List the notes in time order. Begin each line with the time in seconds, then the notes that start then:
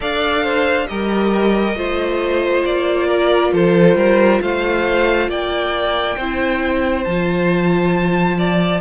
0.00 D4 A4 D5 F5
0.43 C5
0.87 G3 G4 A#4 D#5
1.74 A3 F4 C5
2.65 A#3 D5
3.06 A#4
3.52 F3 A4 C5
3.94 G3 A#4
4.41 A3 C5 F5
5.28 A#3 D5 G5
6.16 C4 E4 C5
7.04 F3 F4 A5
8.37 D5